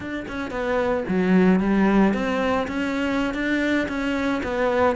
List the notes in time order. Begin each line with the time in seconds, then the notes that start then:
0.00 D4
0.28 C#4
0.50 B3
1.08 F#3
1.59 G3
2.13 C4
2.67 C#4
3.34 D4
3.88 C#4
4.43 B3